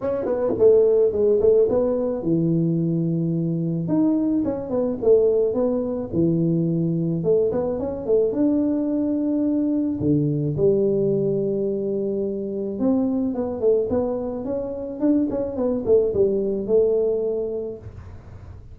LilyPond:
\new Staff \with { instrumentName = "tuba" } { \time 4/4 \tempo 4 = 108 cis'8 b8 a4 gis8 a8 b4 | e2. dis'4 | cis'8 b8 a4 b4 e4~ | e4 a8 b8 cis'8 a8 d'4~ |
d'2 d4 g4~ | g2. c'4 | b8 a8 b4 cis'4 d'8 cis'8 | b8 a8 g4 a2 | }